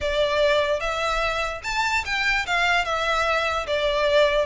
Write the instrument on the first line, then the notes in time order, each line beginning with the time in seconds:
violin
0.01 D5
0.79 E5
1.63 A5
2.05 G5
2.46 F5
2.84 E5
3.67 D5